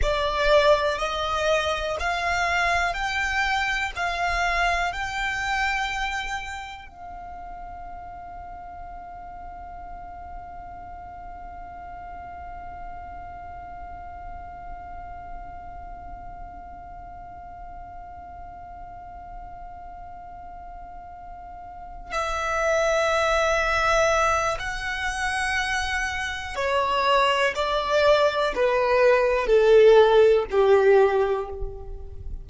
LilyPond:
\new Staff \with { instrumentName = "violin" } { \time 4/4 \tempo 4 = 61 d''4 dis''4 f''4 g''4 | f''4 g''2 f''4~ | f''1~ | f''1~ |
f''1~ | f''2~ f''8 e''4.~ | e''4 fis''2 cis''4 | d''4 b'4 a'4 g'4 | }